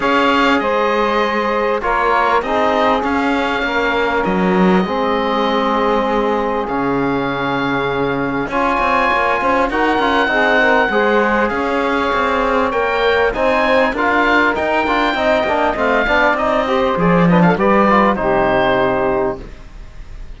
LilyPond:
<<
  \new Staff \with { instrumentName = "oboe" } { \time 4/4 \tempo 4 = 99 f''4 dis''2 cis''4 | dis''4 f''2 dis''4~ | dis''2. f''4~ | f''2 gis''2 |
fis''2. f''4~ | f''4 g''4 gis''4 f''4 | g''2 f''4 dis''4 | d''8 dis''16 f''16 d''4 c''2 | }
  \new Staff \with { instrumentName = "saxophone" } { \time 4/4 cis''4 c''2 ais'4 | gis'2 ais'2 | gis'1~ | gis'2 cis''4. c''8 |
ais'4 gis'8 ais'8 c''4 cis''4~ | cis''2 c''4 ais'4~ | ais'4 dis''4. d''4 c''8~ | c''8 b'16 a'16 b'4 g'2 | }
  \new Staff \with { instrumentName = "trombone" } { \time 4/4 gis'2. f'4 | dis'4 cis'2. | c'2. cis'4~ | cis'2 f'2 |
fis'8 f'8 dis'4 gis'2~ | gis'4 ais'4 dis'4 f'4 | dis'8 f'8 dis'8 d'8 c'8 d'8 dis'8 g'8 | gis'8 d'8 g'8 f'8 dis'2 | }
  \new Staff \with { instrumentName = "cello" } { \time 4/4 cis'4 gis2 ais4 | c'4 cis'4 ais4 fis4 | gis2. cis4~ | cis2 cis'8 c'8 ais8 cis'8 |
dis'8 cis'8 c'4 gis4 cis'4 | c'4 ais4 c'4 d'4 | dis'8 d'8 c'8 ais8 a8 b8 c'4 | f4 g4 c2 | }
>>